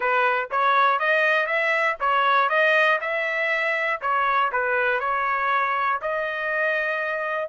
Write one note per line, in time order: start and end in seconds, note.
0.00 0.49 B4
0.50 0.99 C#5
0.99 1.46 D#5
1.46 1.96 E5
2.00 2.49 C#5
2.49 2.99 D#5
3.00 4.00 E5
4.01 4.51 C#5
4.52 5.00 B4
5.00 6.00 C#5
6.01 7.49 D#5